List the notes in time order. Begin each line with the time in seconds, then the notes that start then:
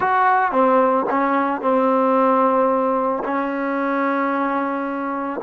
0.00 F#4
0.51 C4
1.10 C#4
1.61 C4
3.24 C#4